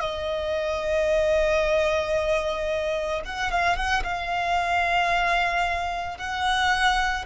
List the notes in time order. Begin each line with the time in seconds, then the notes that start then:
0.00 D#5
3.25 F#5
3.51 F5
3.76 F#5
4.03 F5
6.18 F#5